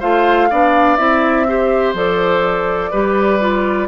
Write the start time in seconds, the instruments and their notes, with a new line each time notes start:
0.00 bassoon A3, clarinet F4, oboe C5, flute F5
0.50 bassoon B3, clarinet D4, oboe D5
0.97 bassoon C4, clarinet E4, flute E5
1.48 clarinet G4, oboe C5
1.94 bassoon F3, clarinet A4, flute D5
2.91 bassoon G3, clarinet G4, oboe B4
3.40 clarinet F4